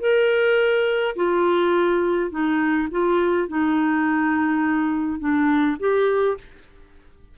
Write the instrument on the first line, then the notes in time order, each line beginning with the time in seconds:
clarinet
0.00 A#4
1.16 F4
2.31 D#4
2.91 F4
3.48 D#4
5.19 D4
5.80 G4